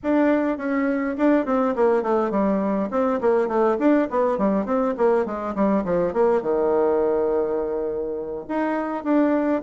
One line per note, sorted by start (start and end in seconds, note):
0.03 0.57 D4
0.57 1.15 C#4
1.17 1.45 D4
1.45 1.74 C4
1.75 2.03 A#3
2.03 2.30 A3
2.30 2.89 G3
2.90 3.20 C4
3.20 3.48 A#3
3.48 3.77 A3
3.78 4.08 D4
4.10 4.38 B3
4.38 4.65 G3
4.65 4.94 C4
4.97 5.25 A#3
5.25 5.54 G#3
5.55 5.84 G3
5.84 6.13 F3
6.13 6.41 A#3
6.41 8.45 D#3
8.48 9.04 D#4
9.04 9.62 D4